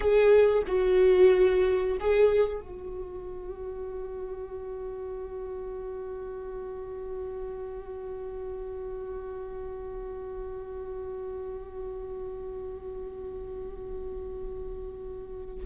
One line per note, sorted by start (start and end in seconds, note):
0.00 0.63 G#4
0.67 1.97 F#4
2.00 2.61 G#4
2.61 15.65 F#4